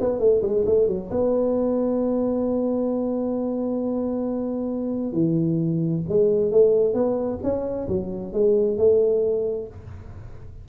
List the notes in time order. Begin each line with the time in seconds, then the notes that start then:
0.00 B3
0.19 A3
0.42 G#3
0.66 A3
0.87 F#3
1.11 B3
5.12 E3
6.08 G#3
6.51 A3
6.94 B3
7.43 C#4
7.88 F#3
8.33 G#3
8.77 A3